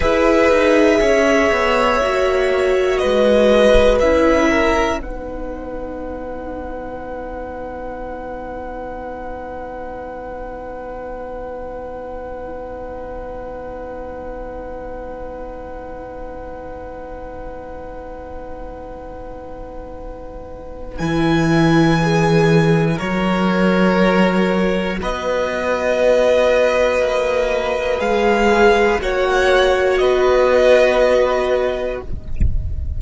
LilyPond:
<<
  \new Staff \with { instrumentName = "violin" } { \time 4/4 \tempo 4 = 60 e''2. dis''4 | e''4 fis''2.~ | fis''1~ | fis''1~ |
fis''1~ | fis''4 gis''2 cis''4~ | cis''4 dis''2. | f''4 fis''4 dis''2 | }
  \new Staff \with { instrumentName = "violin" } { \time 4/4 b'4 cis''2 b'4~ | b'8 ais'8 b'2.~ | b'1~ | b'1~ |
b'1~ | b'2. ais'4~ | ais'4 b'2.~ | b'4 cis''4 b'2 | }
  \new Staff \with { instrumentName = "viola" } { \time 4/4 gis'2 fis'2 | e'4 dis'2.~ | dis'1~ | dis'1~ |
dis'1~ | dis'4 e'4 gis'4 fis'4~ | fis'1 | gis'4 fis'2. | }
  \new Staff \with { instrumentName = "cello" } { \time 4/4 e'8 dis'8 cis'8 b8 ais4 gis4 | cis'4 b2.~ | b1~ | b1~ |
b1~ | b4 e2 fis4~ | fis4 b2 ais4 | gis4 ais4 b2 | }
>>